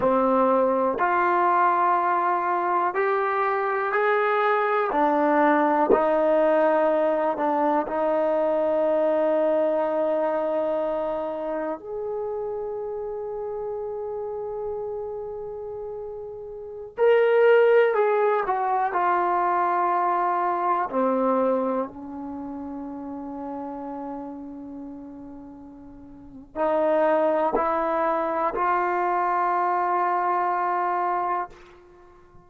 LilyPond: \new Staff \with { instrumentName = "trombone" } { \time 4/4 \tempo 4 = 61 c'4 f'2 g'4 | gis'4 d'4 dis'4. d'8 | dis'1 | gis'1~ |
gis'4~ gis'16 ais'4 gis'8 fis'8 f'8.~ | f'4~ f'16 c'4 cis'4.~ cis'16~ | cis'2. dis'4 | e'4 f'2. | }